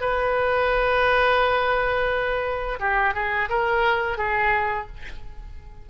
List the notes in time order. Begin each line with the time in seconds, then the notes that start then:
0.00 B4
2.79 G4
3.14 G#4
3.49 A#4
4.17 G#4